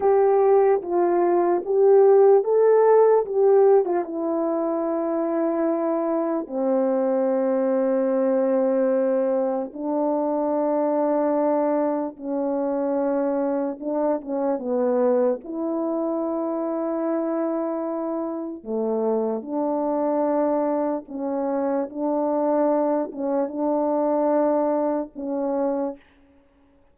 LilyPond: \new Staff \with { instrumentName = "horn" } { \time 4/4 \tempo 4 = 74 g'4 f'4 g'4 a'4 | g'8. f'16 e'2. | c'1 | d'2. cis'4~ |
cis'4 d'8 cis'8 b4 e'4~ | e'2. a4 | d'2 cis'4 d'4~ | d'8 cis'8 d'2 cis'4 | }